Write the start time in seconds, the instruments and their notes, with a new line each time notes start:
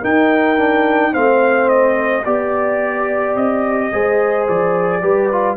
0.00 trombone D#4, tuba D#4, horn A#4, trumpet G5
0.57 trombone D4
1.12 tuba A3, trombone C4, horn C5, trumpet F5
1.68 trumpet D#5
2.24 tuba B3, trombone G4, trumpet D5, horn D5
3.35 tuba C4, trumpet D#5
3.92 tuba G#3, trombone G#4, horn C5
4.48 tuba F3, trumpet D5
5.01 tuba G3, trombone G4, horn B4
5.31 trombone F4